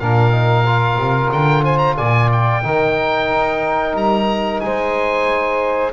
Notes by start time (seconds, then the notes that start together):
0.00 A#2 D4 A#4 F5
0.32 D#4
0.66 F4
0.97 C3
1.32 D3 G5
1.63 C5 G#5
1.78 A#5
1.96 A#2 D5 G#5
2.32 G5
2.63 D#3 D#4 A#4
3.30 D#4
3.94 G3 A#5
4.60 G#3 C5 G#5